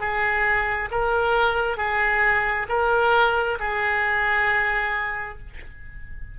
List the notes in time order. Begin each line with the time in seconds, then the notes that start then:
0.00 G#4
0.91 A#4
1.77 G#4
2.69 A#4
3.59 G#4